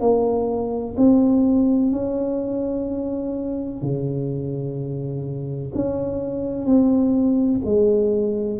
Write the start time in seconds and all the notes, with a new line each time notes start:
0.00 A#3
0.97 C4
1.92 C#4
3.82 C#3
5.74 C#4
6.65 C4
7.65 G#3